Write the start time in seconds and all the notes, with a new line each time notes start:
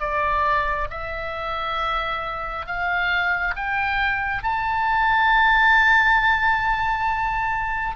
0.00 D5
0.91 E5
2.66 F5
3.56 G5
4.43 A5